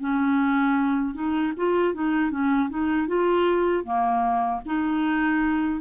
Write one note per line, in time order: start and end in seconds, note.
0.00 1.15 C#4
1.15 1.53 D#4
1.57 1.94 F4
1.94 2.31 D#4
2.31 2.69 C#4
2.70 3.08 D#4
3.08 3.84 F4
3.84 4.61 A#3
4.66 5.81 D#4